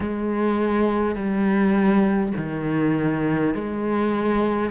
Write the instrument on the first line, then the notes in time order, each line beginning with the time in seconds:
cello
0.00 G#3
1.15 G3
2.36 D#3
3.54 G#3